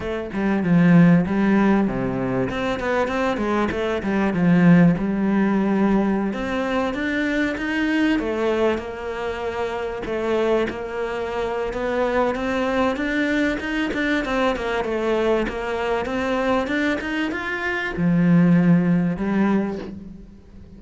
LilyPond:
\new Staff \with { instrumentName = "cello" } { \time 4/4 \tempo 4 = 97 a8 g8 f4 g4 c4 | c'8 b8 c'8 gis8 a8 g8 f4 | g2~ g16 c'4 d'8.~ | d'16 dis'4 a4 ais4.~ ais16~ |
ais16 a4 ais4.~ ais16 b4 | c'4 d'4 dis'8 d'8 c'8 ais8 | a4 ais4 c'4 d'8 dis'8 | f'4 f2 g4 | }